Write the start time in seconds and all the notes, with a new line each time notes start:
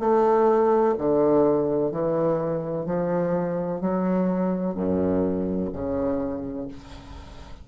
0.00 A3
0.99 D3
1.91 E3
2.86 F3
3.81 F#3
4.75 F#2
5.73 C#3